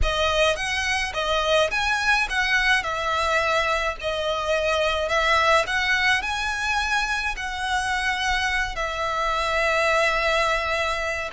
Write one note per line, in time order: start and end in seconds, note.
0.02 0.56 D#5
0.56 1.12 F#5
1.13 1.70 D#5
1.71 2.27 G#5
2.29 2.83 F#5
2.83 3.96 E5
4.01 5.08 D#5
5.08 5.65 E5
5.66 6.21 F#5
6.21 7.35 G#5
7.36 8.75 F#5
8.75 11.30 E5